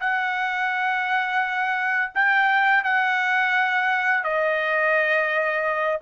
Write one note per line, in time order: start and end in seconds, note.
0.00 2.12 F#5
2.14 2.84 G5
2.84 4.24 F#5
4.24 6.00 D#5